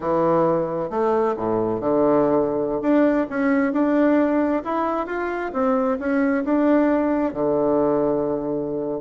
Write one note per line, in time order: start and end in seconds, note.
0.00 0.90 E3
0.90 1.35 A3
1.36 1.80 A2
1.80 2.81 D3
2.81 3.26 D4
3.29 3.72 C#4
3.72 4.62 D4
4.64 5.06 E4
5.06 5.51 F4
5.53 5.98 C4
5.99 6.44 C#4
6.44 7.33 D4
7.33 9.01 D3